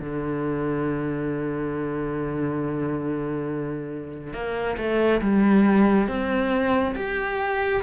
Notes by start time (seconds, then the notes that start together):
0.00 D3
4.34 A#3
4.78 A3
5.22 G3
6.08 C4
6.96 G4